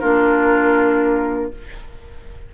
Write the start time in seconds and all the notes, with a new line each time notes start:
0.00 A#3 D4 F4 A#4